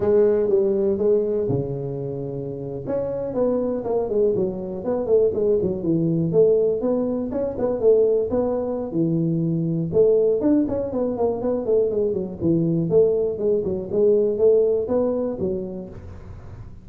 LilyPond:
\new Staff \with { instrumentName = "tuba" } { \time 4/4 \tempo 4 = 121 gis4 g4 gis4 cis4~ | cis4.~ cis16 cis'4 b4 ais16~ | ais16 gis8 fis4 b8 a8 gis8 fis8 e16~ | e8. a4 b4 cis'8 b8 a16~ |
a8. b4~ b16 e2 | a4 d'8 cis'8 b8 ais8 b8 a8 | gis8 fis8 e4 a4 gis8 fis8 | gis4 a4 b4 fis4 | }